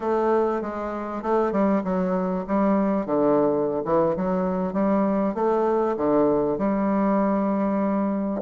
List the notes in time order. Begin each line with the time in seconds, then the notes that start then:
0.00 A3
0.61 G#3
1.22 A3
1.51 G3
1.83 F#3
2.47 G3
3.06 D3
3.85 E3
4.16 F#3
4.73 G3
5.34 A3
5.96 D3
6.58 G3